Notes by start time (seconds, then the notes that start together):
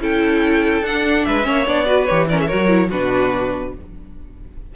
0.00 C#4 E4 A4 G5
0.82 D4 F#5
1.25 G#3 B4 E5
1.43 A#3 C#4 C#5
1.67 B3 D4 D5
1.86 F#4 B4
2.05 E3 G4 C#5
2.29 C#4 A#4 D5
2.40 G#4 E5
2.47 F#4 A#4 C#5
2.53 F#3
2.69 E4
2.89 B2 D4 F#4 B4